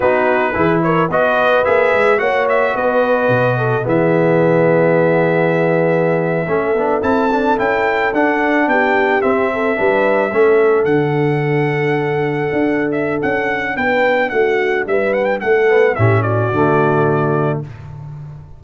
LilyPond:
<<
  \new Staff \with { instrumentName = "trumpet" } { \time 4/4 \tempo 4 = 109 b'4. cis''8 dis''4 e''4 | fis''8 e''8 dis''2 e''4~ | e''1~ | e''8. a''4 g''4 fis''4 g''16~ |
g''8. e''2. fis''16~ | fis''2.~ fis''8 e''8 | fis''4 g''4 fis''4 e''8 fis''16 g''16 | fis''4 e''8 d''2~ d''8 | }
  \new Staff \with { instrumentName = "horn" } { \time 4/4 fis'4 gis'8 ais'8 b'2 | cis''4 b'4. a'8 gis'4~ | gis'2.~ gis'8. a'16~ | a'2.~ a'8. g'16~ |
g'4~ g'16 a'8 b'4 a'4~ a'16~ | a'1~ | a'4 b'4 fis'4 b'4 | a'4 g'8 fis'2~ fis'8 | }
  \new Staff \with { instrumentName = "trombone" } { \time 4/4 dis'4 e'4 fis'4 gis'4 | fis'2. b4~ | b2.~ b8. cis'16~ | cis'16 d'8 e'8 d'8 e'4 d'4~ d'16~ |
d'8. c'4 d'4 cis'4 d'16~ | d'1~ | d'1~ | d'8 b8 cis'4 a2 | }
  \new Staff \with { instrumentName = "tuba" } { \time 4/4 b4 e4 b4 ais8 gis8 | ais4 b4 b,4 e4~ | e2.~ e8. a16~ | a16 b8 c'4 cis'4 d'4 b16~ |
b8. c'4 g4 a4 d16~ | d2~ d8. d'4~ d'16 | cis'4 b4 a4 g4 | a4 a,4 d2 | }
>>